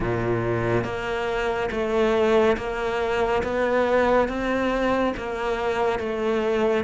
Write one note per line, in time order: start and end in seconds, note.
0.00 0.84 A#2
0.84 1.69 A#3
1.71 2.56 A3
2.57 3.42 A#3
3.43 4.28 B3
4.28 5.14 C4
5.16 5.99 A#3
5.99 6.84 A3